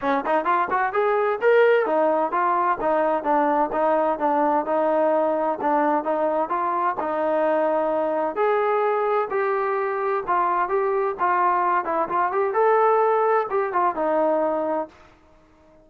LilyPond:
\new Staff \with { instrumentName = "trombone" } { \time 4/4 \tempo 4 = 129 cis'8 dis'8 f'8 fis'8 gis'4 ais'4 | dis'4 f'4 dis'4 d'4 | dis'4 d'4 dis'2 | d'4 dis'4 f'4 dis'4~ |
dis'2 gis'2 | g'2 f'4 g'4 | f'4. e'8 f'8 g'8 a'4~ | a'4 g'8 f'8 dis'2 | }